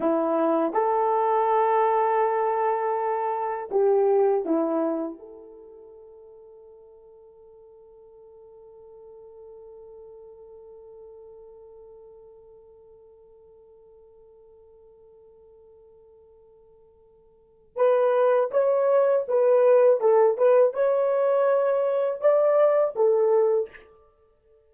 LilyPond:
\new Staff \with { instrumentName = "horn" } { \time 4/4 \tempo 4 = 81 e'4 a'2.~ | a'4 g'4 e'4 a'4~ | a'1~ | a'1~ |
a'1~ | a'1 | b'4 cis''4 b'4 a'8 b'8 | cis''2 d''4 a'4 | }